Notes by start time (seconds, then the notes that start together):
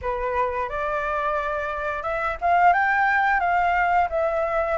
0.01 B4
0.69 D5
2.03 E5
2.40 F5
2.73 G5
3.40 F5
4.09 E5